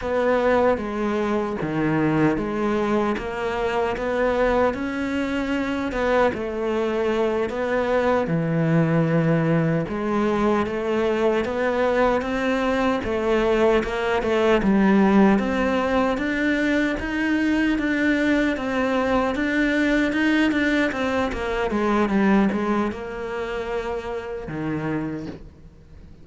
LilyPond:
\new Staff \with { instrumentName = "cello" } { \time 4/4 \tempo 4 = 76 b4 gis4 dis4 gis4 | ais4 b4 cis'4. b8 | a4. b4 e4.~ | e8 gis4 a4 b4 c'8~ |
c'8 a4 ais8 a8 g4 c'8~ | c'8 d'4 dis'4 d'4 c'8~ | c'8 d'4 dis'8 d'8 c'8 ais8 gis8 | g8 gis8 ais2 dis4 | }